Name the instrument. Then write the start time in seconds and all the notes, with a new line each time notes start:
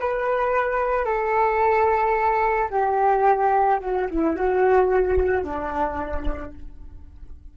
flute
0.00 B4
1.05 A4
2.71 G4
3.80 F#4
4.11 E4
4.36 F#4
5.44 D4